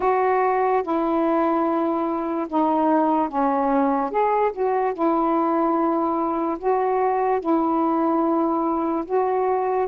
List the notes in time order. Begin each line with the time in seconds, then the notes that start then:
0.00 F#4
0.83 E4
2.48 D#4
3.28 C#4
4.10 G#4
4.52 F#4
4.93 E4
6.58 F#4
7.40 E4
9.05 F#4